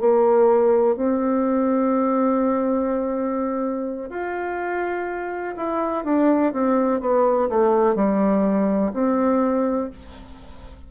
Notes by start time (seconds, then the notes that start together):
0.00 A#3
0.96 C4
4.10 F4
5.56 E4
6.05 D4
6.53 C4
7.01 B3
7.50 A3
7.95 G3
8.94 C4